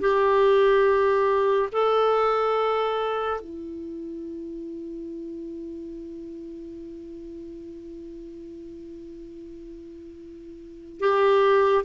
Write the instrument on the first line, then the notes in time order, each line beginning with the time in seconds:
clarinet
0.00 G4
1.72 A4
3.40 E4
10.99 G4